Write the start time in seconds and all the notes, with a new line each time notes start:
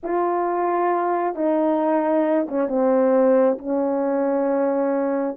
0.03 F4
1.35 D#4
2.48 C#4
2.68 C4
3.58 C#4